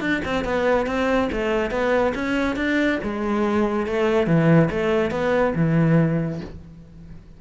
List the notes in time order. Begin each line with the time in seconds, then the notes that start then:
0.00 D4
0.25 C4
0.44 B3
0.86 C4
1.32 A3
1.70 B3
2.15 C#4
2.56 D4
3.03 G#3
3.86 A3
4.26 E3
4.70 A3
5.11 B3
5.55 E3